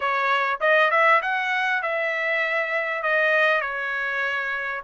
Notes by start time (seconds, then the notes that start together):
0.00 C#5
0.60 D#5
0.90 E5
1.21 F#5
1.82 E5
3.02 D#5
3.61 C#5